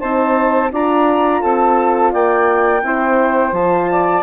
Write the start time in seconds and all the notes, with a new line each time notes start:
0.00 C4 D#4 C5 A5
0.72 D4 F4 D5 A#5
1.42 C4 A4 A5
2.12 A#3 D5 G5
2.83 C4 E4 C5
3.52 F3 F4 A5
3.91 D5